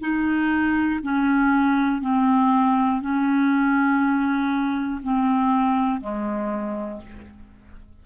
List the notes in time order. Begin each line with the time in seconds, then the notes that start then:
0.00 D#4
1.03 C#4
2.01 C4
3.01 C#4
5.03 C4
6.01 G#3